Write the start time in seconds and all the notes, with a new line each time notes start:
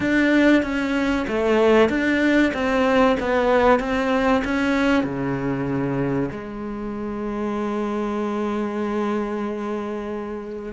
0.00 D4
0.62 C#4
1.27 A3
1.89 D4
2.53 C4
3.20 B3
3.79 C4
4.44 C#4
5.03 C#3
6.31 G#3